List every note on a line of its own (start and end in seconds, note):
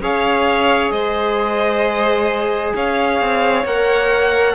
0.00 0.91 C#4
0.00 3.65 G#4
0.00 0.92 C#5
0.00 0.91 F5
0.91 2.73 G#3
0.91 2.73 C5
0.91 2.73 D#5
2.75 3.20 C#4
2.75 4.54 C#5
2.75 3.65 F5
3.20 3.64 C4
3.64 4.54 A#3
3.64 4.54 A#4
3.64 4.54 F#5